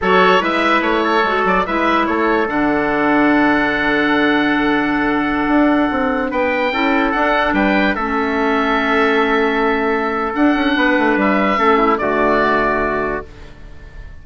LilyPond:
<<
  \new Staff \with { instrumentName = "oboe" } { \time 4/4 \tempo 4 = 145 cis''4 e''4 cis''4. d''8 | e''4 cis''4 fis''2~ | fis''1~ | fis''2.~ fis''16 g''8.~ |
g''4~ g''16 fis''4 g''4 e''8.~ | e''1~ | e''4 fis''2 e''4~ | e''4 d''2. | }
  \new Staff \with { instrumentName = "trumpet" } { \time 4/4 a'4 b'4. a'4. | b'4 a'2.~ | a'1~ | a'2.~ a'16 b'8.~ |
b'16 a'2 b'4 a'8.~ | a'1~ | a'2 b'2 | a'8 e'8 fis'2. | }
  \new Staff \with { instrumentName = "clarinet" } { \time 4/4 fis'4 e'2 fis'4 | e'2 d'2~ | d'1~ | d'1~ |
d'16 e'4 d'2 cis'8.~ | cis'1~ | cis'4 d'2. | cis'4 a2. | }
  \new Staff \with { instrumentName = "bassoon" } { \time 4/4 fis4 gis4 a4 gis8 fis8 | gis4 a4 d2~ | d1~ | d4~ d16 d'4 c'4 b8.~ |
b16 cis'4 d'4 g4 a8.~ | a1~ | a4 d'8 cis'8 b8 a8 g4 | a4 d2. | }
>>